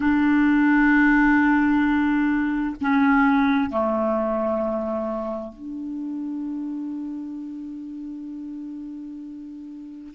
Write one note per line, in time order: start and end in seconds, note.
0.00 2.75 D4
2.81 3.70 C#4
3.70 5.53 A3
5.53 10.14 D4